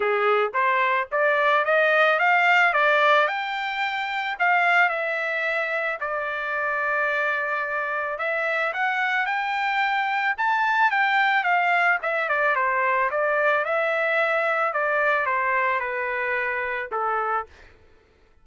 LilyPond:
\new Staff \with { instrumentName = "trumpet" } { \time 4/4 \tempo 4 = 110 gis'4 c''4 d''4 dis''4 | f''4 d''4 g''2 | f''4 e''2 d''4~ | d''2. e''4 |
fis''4 g''2 a''4 | g''4 f''4 e''8 d''8 c''4 | d''4 e''2 d''4 | c''4 b'2 a'4 | }